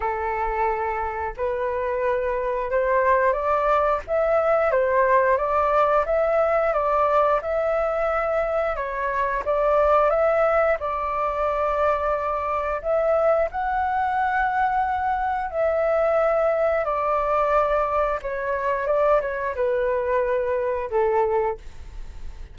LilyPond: \new Staff \with { instrumentName = "flute" } { \time 4/4 \tempo 4 = 89 a'2 b'2 | c''4 d''4 e''4 c''4 | d''4 e''4 d''4 e''4~ | e''4 cis''4 d''4 e''4 |
d''2. e''4 | fis''2. e''4~ | e''4 d''2 cis''4 | d''8 cis''8 b'2 a'4 | }